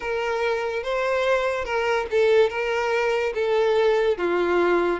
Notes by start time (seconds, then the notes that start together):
0.00 A#4
0.83 C5
1.64 A#4
2.10 A4
2.49 A#4
3.34 A4
4.17 F4